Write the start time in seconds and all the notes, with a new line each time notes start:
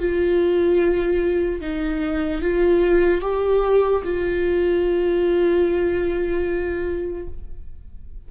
0.00 F4
1.61 D#4
2.42 F4
3.22 G4
4.04 F4